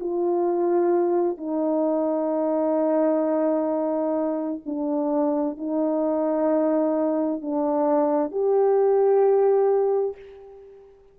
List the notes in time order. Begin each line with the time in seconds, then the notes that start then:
0.00 F4
1.37 D#4
4.66 D4
5.57 D#4
7.41 D4
8.31 G4